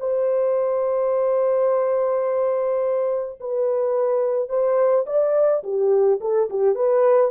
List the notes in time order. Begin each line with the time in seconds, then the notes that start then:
0.00 C5
3.41 B4
4.49 C5
5.07 D5
5.64 G4
6.21 A4
6.50 G4
6.76 B4